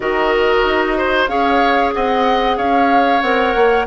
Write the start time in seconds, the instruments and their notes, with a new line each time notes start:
0.00 bassoon D#3, clarinet F#4, oboe A#4, flute D#5
0.64 bassoon D#4
0.97 oboe C5
1.27 bassoon C#4, clarinet G#4, oboe C#5, flute F5
1.93 bassoon C4, oboe D#5, flute F#5
2.57 bassoon C#4, oboe C#5, flute F5
3.21 bassoon C4, clarinet A#4, flute F#5
3.55 bassoon A#3